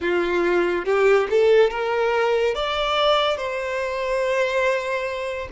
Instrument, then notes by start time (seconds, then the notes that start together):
violin
0.00 F4
0.85 G4
1.30 A4
1.70 A#4
2.54 D5
3.37 C5